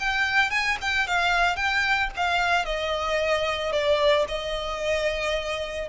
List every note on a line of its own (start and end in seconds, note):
0.00 0.51 G5
0.51 0.78 G#5
0.82 1.08 G5
1.08 1.56 F5
1.56 2.10 G5
2.17 2.66 F5
2.66 3.73 D#5
3.73 4.26 D5
4.29 5.89 D#5